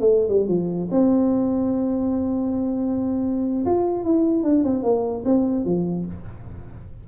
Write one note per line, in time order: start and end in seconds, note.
0.00 0.28 A3
0.28 0.48 G3
0.48 0.88 F3
0.91 3.65 C4
3.65 4.04 F4
4.04 4.43 E4
4.43 4.64 D4
4.64 4.83 C4
4.83 5.24 A#3
5.25 5.65 C4
5.65 6.06 F3